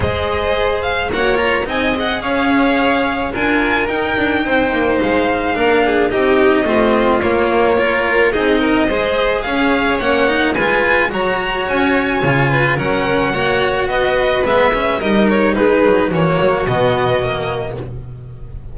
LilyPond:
<<
  \new Staff \with { instrumentName = "violin" } { \time 4/4 \tempo 4 = 108 dis''4. f''8 fis''8 ais''8 gis''8 fis''8 | f''2 gis''4 g''4~ | g''4 f''2 dis''4~ | dis''4 cis''2 dis''4~ |
dis''4 f''4 fis''4 gis''4 | ais''4 gis''2 fis''4~ | fis''4 dis''4 e''4 dis''8 cis''8 | b'4 cis''4 dis''2 | }
  \new Staff \with { instrumentName = "violin" } { \time 4/4 c''2 cis''4 dis''4 | cis''2 ais'2 | c''2 ais'8 gis'8 g'4 | f'2 ais'4 gis'8 ais'8 |
c''4 cis''2 b'4 | cis''2~ cis''8 b'8 ais'4 | cis''4 b'2 ais'4 | gis'4 fis'2. | }
  \new Staff \with { instrumentName = "cello" } { \time 4/4 gis'2 fis'8 f'8 dis'8 gis'8~ | gis'2 f'4 dis'4~ | dis'2 d'4 dis'4 | c'4 ais4 f'4 dis'4 |
gis'2 cis'8 dis'8 f'4 | fis'2 f'4 cis'4 | fis'2 b8 cis'8 dis'4~ | dis'4 ais4 b4 ais4 | }
  \new Staff \with { instrumentName = "double bass" } { \time 4/4 gis2 ais4 c'4 | cis'2 d'4 dis'8 d'8 | c'8 ais8 gis4 ais4 c'4 | a4 ais2 c'4 |
gis4 cis'4 ais4 gis4 | fis4 cis'4 cis4 fis4 | ais4 b4 gis4 g4 | gis8 fis8 e8 fis8 b,2 | }
>>